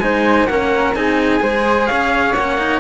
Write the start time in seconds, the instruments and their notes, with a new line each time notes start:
0.00 cello G#3 D#4, flute C5, trumpet G#5
0.45 cello A#3 C#4, trumpet F#5
0.51 flute A#4
0.94 cello C4 D#4, flute G#4, trumpet G#5
1.40 cello G#3 G#4, flute C5
1.87 cello C#4, flute C#5, trumpet F5
2.34 cello A#3 C#4, trumpet F#5
2.58 cello D#4